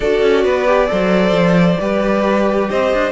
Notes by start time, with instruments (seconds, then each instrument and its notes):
0.00 cello D4, viola F#4, violin A4 D5
0.22 cello C#4
0.44 cello B3, violin B4
0.66 viola G4
0.86 cello F#3, viola A4, violin C5
1.31 cello F3
1.79 cello G3, viola G4, violin B4
2.69 cello C4, violin C5 D#5
2.93 cello D4